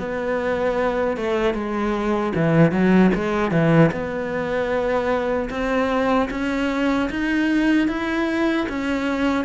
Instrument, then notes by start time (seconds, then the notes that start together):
cello
0.00 B3
1.17 A3
1.54 G#3
2.36 E3
2.72 F#3
3.15 G#3
3.52 E3
3.92 B3
5.50 C4
6.31 C#4
7.11 D#4
7.88 E4
8.69 C#4